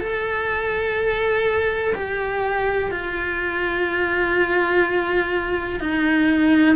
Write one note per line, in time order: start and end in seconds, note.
0.00 1.94 A4
1.95 2.91 G4
2.91 5.80 F4
5.80 6.76 D#4